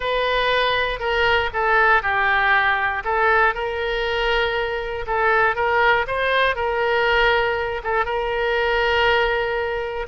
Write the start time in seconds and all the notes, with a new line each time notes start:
0.00 B4
0.99 A#4
1.53 A4
2.02 G4
3.04 A4
3.54 A#4
5.06 A4
5.55 A#4
6.07 C5
6.55 A#4
7.83 A4
8.05 A#4